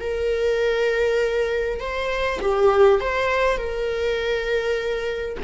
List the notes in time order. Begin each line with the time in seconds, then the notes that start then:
0.00 A#4
1.80 C5
2.41 G4
3.00 C5
3.57 A#4